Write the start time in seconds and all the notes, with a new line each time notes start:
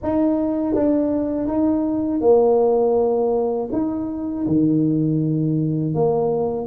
0.02 D#4
0.74 D4
1.47 D#4
2.20 A#3
3.72 D#4
4.46 D#3
5.94 A#3